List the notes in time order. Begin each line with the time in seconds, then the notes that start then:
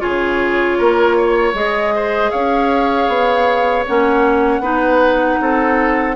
0.00 C#3 F4 G#4 C#5
0.78 A#3 A#4
1.17 C#5
1.53 G#3 G#4 D#5
1.95 C5
2.31 C#4 C#5 F5
3.08 B3
3.87 A#3 C#4 F#5
4.60 B3 D#4 B4
5.41 C4 A4